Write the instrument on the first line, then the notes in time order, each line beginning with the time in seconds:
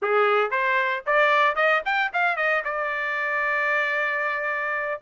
trumpet
0.01 G#4
0.50 C5
1.06 D5
1.55 D#5
1.85 G5
2.13 F5
2.36 D#5
2.64 D5